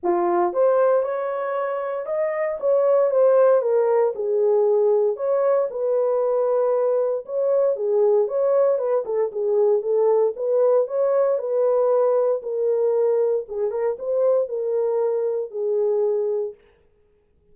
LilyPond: \new Staff \with { instrumentName = "horn" } { \time 4/4 \tempo 4 = 116 f'4 c''4 cis''2 | dis''4 cis''4 c''4 ais'4 | gis'2 cis''4 b'4~ | b'2 cis''4 gis'4 |
cis''4 b'8 a'8 gis'4 a'4 | b'4 cis''4 b'2 | ais'2 gis'8 ais'8 c''4 | ais'2 gis'2 | }